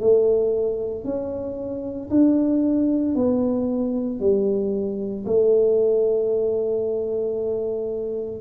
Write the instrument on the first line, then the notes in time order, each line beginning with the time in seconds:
tuba
0.00 A3
1.04 C#4
2.11 D4
3.15 B3
4.20 G3
5.26 A3